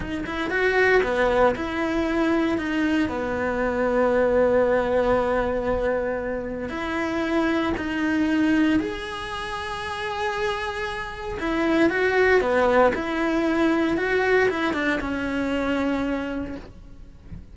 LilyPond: \new Staff \with { instrumentName = "cello" } { \time 4/4 \tempo 4 = 116 dis'8 e'8 fis'4 b4 e'4~ | e'4 dis'4 b2~ | b1~ | b4 e'2 dis'4~ |
dis'4 gis'2.~ | gis'2 e'4 fis'4 | b4 e'2 fis'4 | e'8 d'8 cis'2. | }